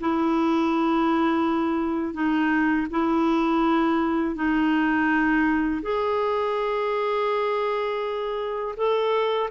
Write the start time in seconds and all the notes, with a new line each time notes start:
0.00 E4
2.14 D#4
2.90 E4
4.35 D#4
5.82 G#4
8.76 A4